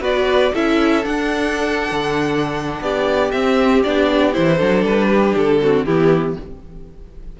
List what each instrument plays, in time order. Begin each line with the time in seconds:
0.00 cello B3, viola F#4, violin B4 D5
0.53 cello C#4, viola E4, violin A4 E5
1.02 viola D4, cello D4, violin F#5
1.91 cello D3
2.81 cello B3, violin G4 D5
3.31 cello C4, viola C4, violin E5
3.83 cello B3, viola D4, violin D5
4.33 cello E3, viola E4, violin C5
4.56 cello F#3, viola D4, violin A4
4.83 cello G3, violin B4
5.09 violin G4
5.35 cello D3, violin A4
5.61 viola C4, violin F#4
5.84 cello E3, viola B3, violin E4 G4